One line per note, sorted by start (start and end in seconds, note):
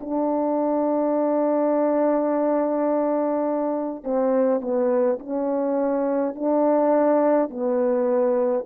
0.00 4.03 D4
4.03 4.60 C4
4.60 5.18 B3
5.19 6.35 C#4
6.35 7.49 D4
7.49 8.65 B3